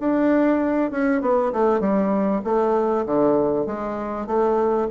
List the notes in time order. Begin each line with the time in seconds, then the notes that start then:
0.00 D4
0.91 C#4
1.22 B3
1.53 A3
1.81 G3
2.44 A3
3.06 D3
3.67 G#3
4.27 A3